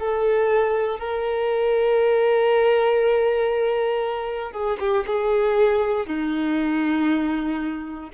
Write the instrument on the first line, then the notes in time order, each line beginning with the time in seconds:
violin
0.00 A4
1.00 A#4
4.53 G#4
4.80 G4
5.07 G#4
6.07 D#4